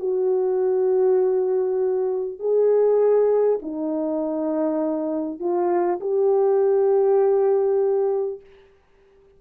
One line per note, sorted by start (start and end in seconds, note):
0.00 2.39 F#4
2.39 3.59 G#4
3.62 5.39 D#4
5.39 5.99 F4
6.01 8.41 G4